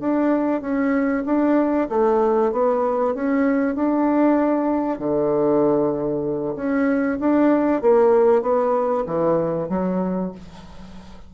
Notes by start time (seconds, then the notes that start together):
0.00 D4
0.61 C#4
1.26 D4
1.89 A3
2.52 B3
3.14 C#4
3.75 D4
4.99 D3
6.56 C#4
7.20 D4
7.82 A#3
8.42 B3
9.06 E3
9.69 F#3